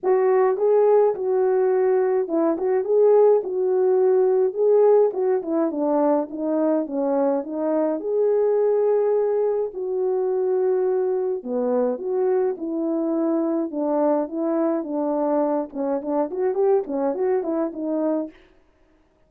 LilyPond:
\new Staff \with { instrumentName = "horn" } { \time 4/4 \tempo 4 = 105 fis'4 gis'4 fis'2 | e'8 fis'8 gis'4 fis'2 | gis'4 fis'8 e'8 d'4 dis'4 | cis'4 dis'4 gis'2~ |
gis'4 fis'2. | b4 fis'4 e'2 | d'4 e'4 d'4. cis'8 | d'8 fis'8 g'8 cis'8 fis'8 e'8 dis'4 | }